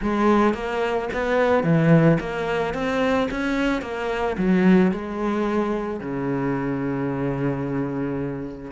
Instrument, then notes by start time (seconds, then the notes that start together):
cello
0.01 G#3
0.54 A#3
1.13 B3
1.63 E3
2.19 A#3
2.74 C4
3.30 C#4
3.81 A#3
4.37 F#3
4.91 G#3
6.00 C#3